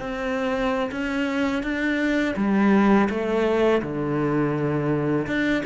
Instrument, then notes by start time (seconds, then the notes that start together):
cello
0.00 C4
0.92 C#4
1.63 D4
2.37 G3
3.10 A3
3.82 D3
5.27 D4